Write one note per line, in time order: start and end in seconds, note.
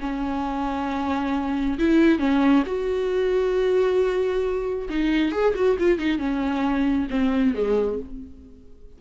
0.00 1.78 C#4
1.78 2.19 E4
2.19 2.63 C#4
2.66 4.88 F#4
4.89 5.32 D#4
5.32 5.54 G#4
5.55 5.77 F#4
5.79 5.98 F4
5.98 6.18 D#4
6.18 7.07 C#4
7.10 7.55 C4
7.55 7.99 G#3